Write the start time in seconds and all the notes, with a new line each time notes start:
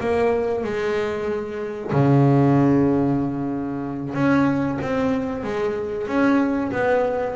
0.00 A#3
0.63 G#3
1.92 C#3
4.14 C#4
4.81 C4
5.43 G#3
6.07 C#4
6.71 B3